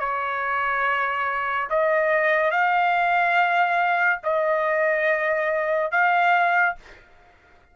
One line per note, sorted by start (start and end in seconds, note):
0.00 1.69 C#5
1.71 2.51 D#5
2.51 4.20 F5
4.24 5.92 D#5
5.92 6.76 F5